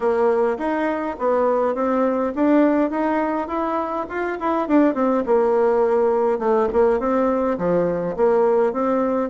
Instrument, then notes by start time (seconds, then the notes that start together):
bassoon
0.00 A#3
0.57 D#4
1.18 B3
1.74 C4
2.35 D4
2.90 D#4
3.47 E4
4.09 F4
4.40 E4
4.68 D4
4.94 C4
5.26 A#3
6.38 A3
6.72 A#3
6.99 C4
7.57 F3
8.16 A#3
8.72 C4